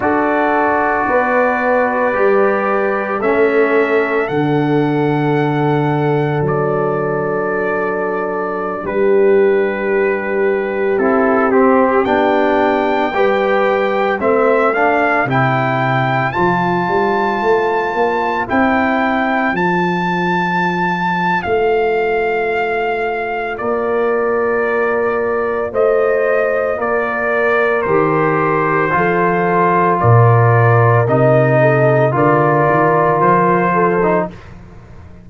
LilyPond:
<<
  \new Staff \with { instrumentName = "trumpet" } { \time 4/4 \tempo 4 = 56 d''2. e''4 | fis''2 d''2~ | d''16 b'2 a'8 g'8 g''8.~ | g''4~ g''16 e''8 f''8 g''4 a''8.~ |
a''4~ a''16 g''4 a''4.~ a''16 | f''2 d''2 | dis''4 d''4 c''2 | d''4 dis''4 d''4 c''4 | }
  \new Staff \with { instrumentName = "horn" } { \time 4/4 a'4 b'2 a'4~ | a'1~ | a'16 g'2.~ g'8.~ | g'16 b'4 c''2~ c''8.~ |
c''1~ | c''2 ais'2 | c''4 ais'2 a'4 | ais'4. a'8 ais'4. a'8 | }
  \new Staff \with { instrumentName = "trombone" } { \time 4/4 fis'2 g'4 cis'4 | d'1~ | d'2~ d'16 e'8 c'8 d'8.~ | d'16 g'4 c'8 d'8 e'4 f'8.~ |
f'4~ f'16 e'4 f'4.~ f'16~ | f'1~ | f'2 g'4 f'4~ | f'4 dis'4 f'4.~ f'16 dis'16 | }
  \new Staff \with { instrumentName = "tuba" } { \time 4/4 d'4 b4 g4 a4 | d2 fis2~ | fis16 g2 c'4 b8.~ | b16 g4 a4 c4 f8 g16~ |
g16 a8 ais8 c'4 f4.~ f16 | a2 ais2 | a4 ais4 dis4 f4 | ais,4 c4 d8 dis8 f4 | }
>>